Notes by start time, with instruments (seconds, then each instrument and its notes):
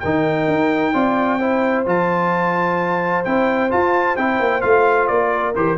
0.00 tuba D#3, trombone D#4, horn A#4, trumpet G5
0.48 tuba D#4
0.94 tuba C4, trombone F4, horn D5
1.40 trombone E4, horn C5
1.87 tuba F3, trombone F4, trumpet A5
3.25 tuba C4, trombone E4, trumpet G5
3.70 trombone F4, tuba F4, trumpet A5
4.17 tuba C4, trombone E4, trumpet G5
4.40 tuba A#3
4.62 tuba A3, trombone F4, trumpet F5
5.07 tuba A#3, trumpet D5
5.35 horn A#4
5.56 tuba E3, trombone G4, trumpet C5